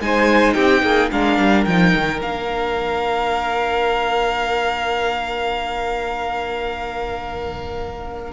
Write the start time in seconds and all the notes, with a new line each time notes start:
0.00 G#3 D#4 C5 G#5
0.53 C4 G4 G5
0.82 A#3 G#4
1.11 G#3 D4 A#4 F5
1.38 G3
1.64 F3 D#4 G5
1.96 D#3
2.21 A#3 D4 F5